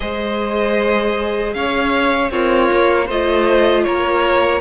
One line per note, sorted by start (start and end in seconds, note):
0.00 1.54 G#3
0.00 2.29 G#4
0.00 1.54 C5
0.00 1.53 D#5
1.53 2.31 C#4
1.53 2.32 C#5
1.53 2.30 F5
2.30 2.69 C4
2.30 3.06 F4
2.30 3.08 A#4
2.30 3.07 C#5
2.72 3.09 A#3
3.06 3.86 A3
3.06 4.61 F4
3.06 3.83 C5
3.06 3.83 D#5
3.83 4.61 A#3
3.83 4.61 A#4
3.83 4.60 C#5